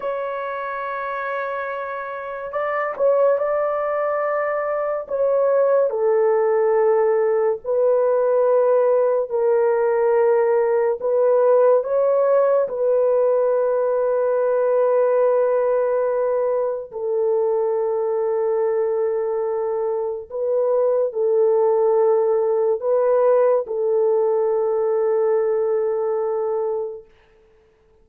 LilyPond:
\new Staff \with { instrumentName = "horn" } { \time 4/4 \tempo 4 = 71 cis''2. d''8 cis''8 | d''2 cis''4 a'4~ | a'4 b'2 ais'4~ | ais'4 b'4 cis''4 b'4~ |
b'1 | a'1 | b'4 a'2 b'4 | a'1 | }